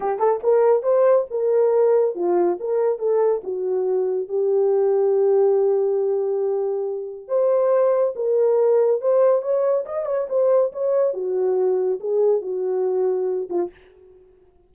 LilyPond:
\new Staff \with { instrumentName = "horn" } { \time 4/4 \tempo 4 = 140 g'8 a'8 ais'4 c''4 ais'4~ | ais'4 f'4 ais'4 a'4 | fis'2 g'2~ | g'1~ |
g'4 c''2 ais'4~ | ais'4 c''4 cis''4 dis''8 cis''8 | c''4 cis''4 fis'2 | gis'4 fis'2~ fis'8 f'8 | }